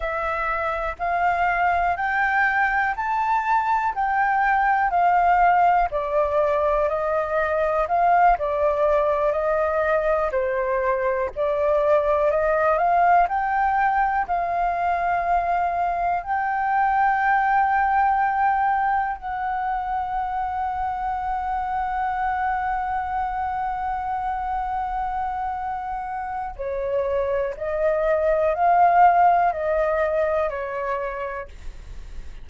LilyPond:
\new Staff \with { instrumentName = "flute" } { \time 4/4 \tempo 4 = 61 e''4 f''4 g''4 a''4 | g''4 f''4 d''4 dis''4 | f''8 d''4 dis''4 c''4 d''8~ | d''8 dis''8 f''8 g''4 f''4.~ |
f''8 g''2. fis''8~ | fis''1~ | fis''2. cis''4 | dis''4 f''4 dis''4 cis''4 | }